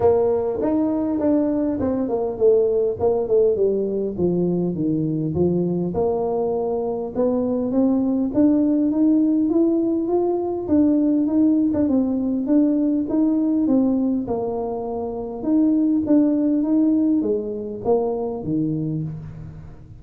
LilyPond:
\new Staff \with { instrumentName = "tuba" } { \time 4/4 \tempo 4 = 101 ais4 dis'4 d'4 c'8 ais8 | a4 ais8 a8 g4 f4 | dis4 f4 ais2 | b4 c'4 d'4 dis'4 |
e'4 f'4 d'4 dis'8. d'16 | c'4 d'4 dis'4 c'4 | ais2 dis'4 d'4 | dis'4 gis4 ais4 dis4 | }